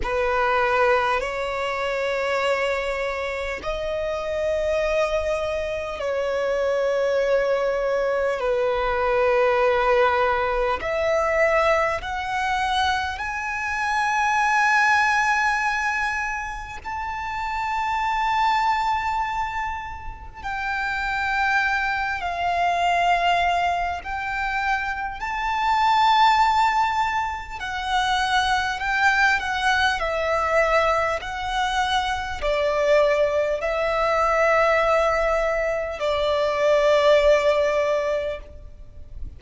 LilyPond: \new Staff \with { instrumentName = "violin" } { \time 4/4 \tempo 4 = 50 b'4 cis''2 dis''4~ | dis''4 cis''2 b'4~ | b'4 e''4 fis''4 gis''4~ | gis''2 a''2~ |
a''4 g''4. f''4. | g''4 a''2 fis''4 | g''8 fis''8 e''4 fis''4 d''4 | e''2 d''2 | }